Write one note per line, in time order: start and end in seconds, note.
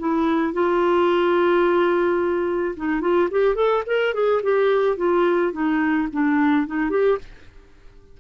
0.00 0.54 E4
0.54 2.76 F4
2.77 3.02 D#4
3.02 3.29 F4
3.31 3.56 G4
3.56 3.84 A4
3.87 4.14 A#4
4.14 4.42 G#4
4.43 4.97 G4
4.97 5.53 F4
5.53 6.08 D#4
6.13 6.67 D4
6.67 6.91 D#4
6.91 7.18 G4